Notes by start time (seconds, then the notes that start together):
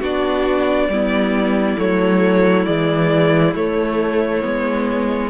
0.00 B3 D4 F#4 D5
0.88 G3 B3 E4
1.77 F#3 A3 C#5
2.65 E3 G#3 D5
3.55 A3 C#5
4.42 G#3 B3